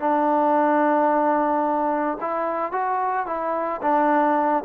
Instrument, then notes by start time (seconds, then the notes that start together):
trombone
0.00 D4
2.21 E4
2.72 F#4
3.27 E4
3.82 D4